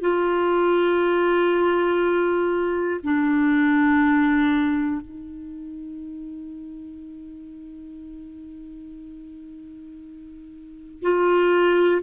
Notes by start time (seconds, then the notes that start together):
0.00 F4
3.03 D4
5.01 D#4
11.02 F4